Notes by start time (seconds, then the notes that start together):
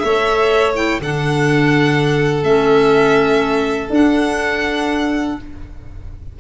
0.00 A3 C#5 E5
0.06 A4
0.75 E4 G5
1.01 D3 D4 A4 F#5
2.43 A3 C#4 E5
3.90 D4 F#5